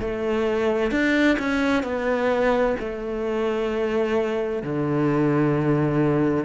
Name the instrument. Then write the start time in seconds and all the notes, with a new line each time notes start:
cello
0.00 A3
0.91 D4
1.38 C#4
1.83 B3
2.79 A3
4.62 D3